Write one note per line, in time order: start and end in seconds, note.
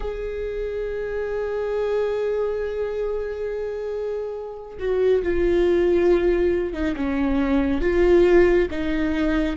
0.00 4.78 G#4
4.79 5.22 F#4
5.22 6.73 F4
6.73 6.95 D#4
6.96 7.81 C#4
7.81 8.68 F4
8.70 9.56 D#4